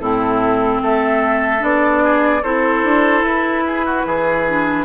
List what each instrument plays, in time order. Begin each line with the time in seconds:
0.00 bassoon A2, clarinet C4, oboe E4, flute A4
0.82 bassoon A3, oboe A4, flute E5
1.60 bassoon B3, clarinet D4, flute D5
2.04 oboe G#4
2.43 bassoon C4, clarinet E4, oboe A4, flute C5
2.85 bassoon D4
3.22 bassoon E4, flute B4
3.67 oboe G#4
3.86 oboe F#4
4.06 bassoon E3, oboe G#4
4.48 clarinet D4